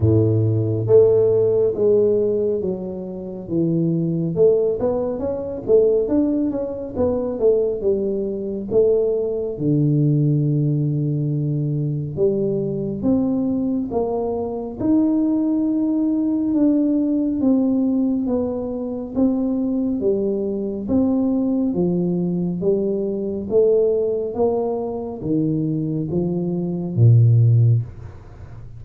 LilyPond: \new Staff \with { instrumentName = "tuba" } { \time 4/4 \tempo 4 = 69 a,4 a4 gis4 fis4 | e4 a8 b8 cis'8 a8 d'8 cis'8 | b8 a8 g4 a4 d4~ | d2 g4 c'4 |
ais4 dis'2 d'4 | c'4 b4 c'4 g4 | c'4 f4 g4 a4 | ais4 dis4 f4 ais,4 | }